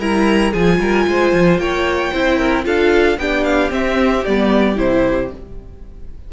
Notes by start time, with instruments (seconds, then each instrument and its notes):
0.00 cello G3, viola E4, violin A#4 A#5
0.51 cello F3, viola F4, violin G#4 G#5
0.80 cello G3, violin A#4
1.07 cello G#3, violin C5
1.33 cello F3
1.58 cello A#3, violin C#5 G5
2.12 cello C4, viola E4, violin C5
2.38 violin A#4
2.64 cello D4, viola F4, violin A4 F5
3.18 cello B3, viola D4, violin G4 G5
3.44 violin F5
3.70 viola C4, cello C4, violin E5
4.25 cello G3, viola B3, violin D5
4.76 cello C3, viola E4, violin C5